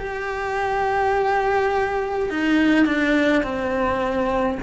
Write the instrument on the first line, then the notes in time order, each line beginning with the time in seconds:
cello
0.00 G4
2.30 D#4
2.86 D4
3.43 C4